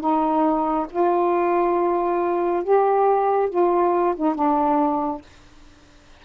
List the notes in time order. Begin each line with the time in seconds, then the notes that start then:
0.00 D#4
0.91 F4
2.64 G4
3.50 F4
4.16 D#4
4.35 D4